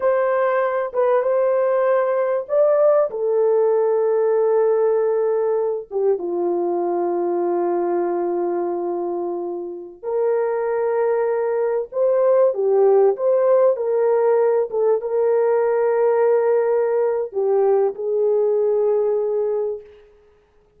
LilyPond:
\new Staff \with { instrumentName = "horn" } { \time 4/4 \tempo 4 = 97 c''4. b'8 c''2 | d''4 a'2.~ | a'4. g'8 f'2~ | f'1~ |
f'16 ais'2. c''8.~ | c''16 g'4 c''4 ais'4. a'16~ | a'16 ais'2.~ ais'8. | g'4 gis'2. | }